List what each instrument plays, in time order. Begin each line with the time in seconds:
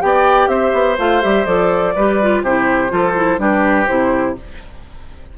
0.00 bassoon B3, clarinet G4, oboe D5, flute G5
0.48 bassoon C4, oboe C5, flute E5
0.73 bassoon B3
0.98 bassoon A3, clarinet F4, flute F5
1.22 bassoon G3, clarinet G4, flute E5
1.46 bassoon F3, clarinet A4, flute D5
1.95 bassoon G3, clarinet G4, oboe B4
2.21 clarinet F4
2.42 bassoon C3, clarinet E4, oboe G4, flute C5
2.89 bassoon F3, clarinet F4, oboe A4
3.15 clarinet E4
3.38 bassoon G3, clarinet D4, oboe G4, flute B4
3.87 bassoon C3, clarinet E4, flute C5